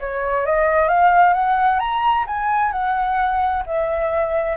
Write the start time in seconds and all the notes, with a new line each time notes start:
0.00 C#5
0.46 D#5
0.88 F5
1.33 F#5
1.79 A#5
2.27 G#5
2.72 F#5
3.66 E5